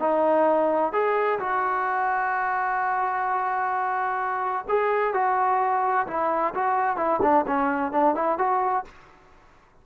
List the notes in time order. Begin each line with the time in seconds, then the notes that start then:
0.00 D#4
0.93 G#4
1.40 F#4
4.69 G#4
5.14 F#4
6.07 E4
6.55 F#4
6.97 E4
7.23 D4
7.47 C#4
7.92 D4
8.15 E4
8.38 F#4